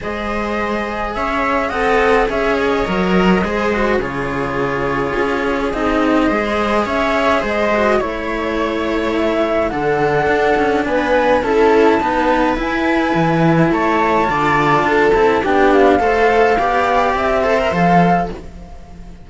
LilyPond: <<
  \new Staff \with { instrumentName = "flute" } { \time 4/4 \tempo 4 = 105 dis''2 e''4 fis''4 | e''8 dis''2~ dis''8 cis''4~ | cis''2 dis''2 | e''4 dis''4 cis''2 |
e''4 fis''2 gis''4 | a''2 gis''2 | a''2. g''8 f''8~ | f''2 e''4 f''4 | }
  \new Staff \with { instrumentName = "viola" } { \time 4/4 c''2 cis''4 dis''4 | cis''2 c''4 gis'4~ | gis'2. c''4 | cis''4 c''4 cis''2~ |
cis''4 a'2 b'4 | a'4 b'2. | cis''4 d''4 a'4 g'4 | c''4 d''4. c''4. | }
  \new Staff \with { instrumentName = "cello" } { \time 4/4 gis'2. a'4 | gis'4 ais'4 gis'8 fis'8 f'4~ | f'2 dis'4 gis'4~ | gis'4. fis'8 e'2~ |
e'4 d'2. | e'4 b4 e'2~ | e'4 f'4. e'8 d'4 | a'4 g'4. a'16 ais'16 a'4 | }
  \new Staff \with { instrumentName = "cello" } { \time 4/4 gis2 cis'4 c'4 | cis'4 fis4 gis4 cis4~ | cis4 cis'4 c'4 gis4 | cis'4 gis4 a2~ |
a4 d4 d'8 cis'8 b4 | cis'4 dis'4 e'4 e4 | a4 d4 d'8 c'8 b4 | a4 b4 c'4 f4 | }
>>